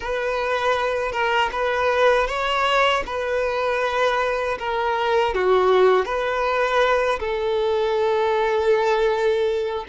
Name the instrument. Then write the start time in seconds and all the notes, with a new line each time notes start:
violin
0.00 B4
1.12 A#4
1.52 B4
2.27 C#5
3.06 B4
4.58 A#4
5.34 F#4
6.05 B4
7.19 A4